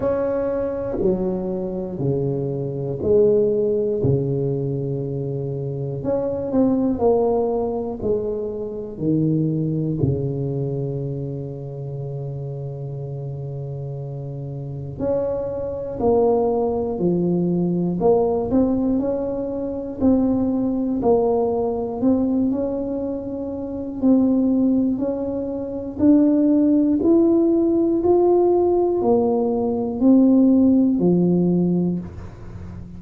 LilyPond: \new Staff \with { instrumentName = "tuba" } { \time 4/4 \tempo 4 = 60 cis'4 fis4 cis4 gis4 | cis2 cis'8 c'8 ais4 | gis4 dis4 cis2~ | cis2. cis'4 |
ais4 f4 ais8 c'8 cis'4 | c'4 ais4 c'8 cis'4. | c'4 cis'4 d'4 e'4 | f'4 ais4 c'4 f4 | }